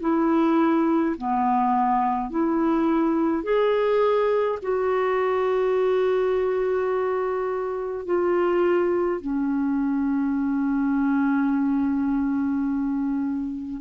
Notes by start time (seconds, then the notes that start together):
0.00 E4
1.17 B3
2.30 E4
3.43 G#4
4.62 F#4
8.05 F4
9.21 C#4